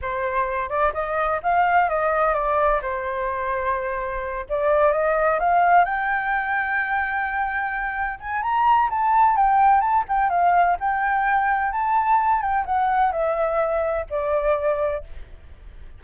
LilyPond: \new Staff \with { instrumentName = "flute" } { \time 4/4 \tempo 4 = 128 c''4. d''8 dis''4 f''4 | dis''4 d''4 c''2~ | c''4. d''4 dis''4 f''8~ | f''8 g''2.~ g''8~ |
g''4. gis''8 ais''4 a''4 | g''4 a''8 g''8 f''4 g''4~ | g''4 a''4. g''8 fis''4 | e''2 d''2 | }